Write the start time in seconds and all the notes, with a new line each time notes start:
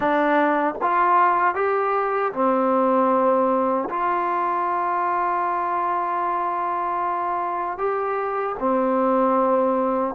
0.00 D4
0.81 F4
1.54 G4
2.32 C4
3.89 F4
7.77 G4
8.59 C4